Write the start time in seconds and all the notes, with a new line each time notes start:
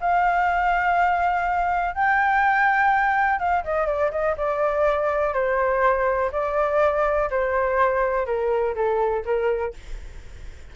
0.00 F5
1.94 G5
3.39 F5
3.64 D#5
3.86 D5
4.11 D#5
4.37 D5
5.33 C5
6.31 D5
7.30 C5
8.26 A#4
8.75 A4
9.25 A#4